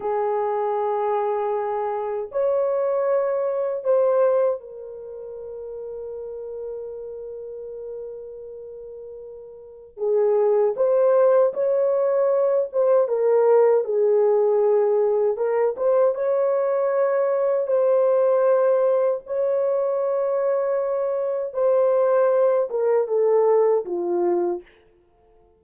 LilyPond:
\new Staff \with { instrumentName = "horn" } { \time 4/4 \tempo 4 = 78 gis'2. cis''4~ | cis''4 c''4 ais'2~ | ais'1~ | ais'4 gis'4 c''4 cis''4~ |
cis''8 c''8 ais'4 gis'2 | ais'8 c''8 cis''2 c''4~ | c''4 cis''2. | c''4. ais'8 a'4 f'4 | }